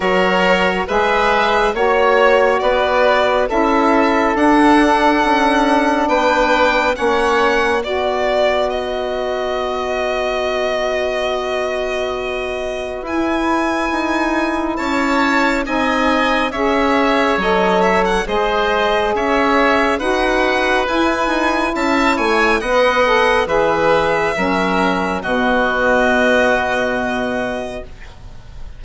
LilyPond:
<<
  \new Staff \with { instrumentName = "violin" } { \time 4/4 \tempo 4 = 69 cis''4 e''4 cis''4 d''4 | e''4 fis''2 g''4 | fis''4 d''4 dis''2~ | dis''2. gis''4~ |
gis''4 a''4 gis''4 e''4 | dis''8 e''16 fis''16 dis''4 e''4 fis''4 | gis''4 a''8 gis''8 fis''4 e''4~ | e''4 dis''2. | }
  \new Staff \with { instrumentName = "oboe" } { \time 4/4 ais'4 b'4 cis''4 b'4 | a'2. b'4 | cis''4 b'2.~ | b'1~ |
b'4 cis''4 dis''4 cis''4~ | cis''4 c''4 cis''4 b'4~ | b'4 e''8 cis''8 dis''4 b'4 | ais'4 fis'2. | }
  \new Staff \with { instrumentName = "saxophone" } { \time 4/4 fis'4 gis'4 fis'2 | e'4 d'2. | cis'4 fis'2.~ | fis'2. e'4~ |
e'2 dis'4 gis'4 | a'4 gis'2 fis'4 | e'2 b'8 a'8 gis'4 | cis'4 b2. | }
  \new Staff \with { instrumentName = "bassoon" } { \time 4/4 fis4 gis4 ais4 b4 | cis'4 d'4 cis'4 b4 | ais4 b2.~ | b2. e'4 |
dis'4 cis'4 c'4 cis'4 | fis4 gis4 cis'4 dis'4 | e'8 dis'8 cis'8 a8 b4 e4 | fis4 b,2. | }
>>